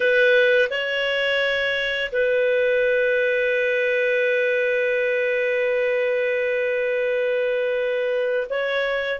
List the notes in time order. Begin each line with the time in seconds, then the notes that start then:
0.00 B4
0.70 C#5
2.11 B4
8.49 C#5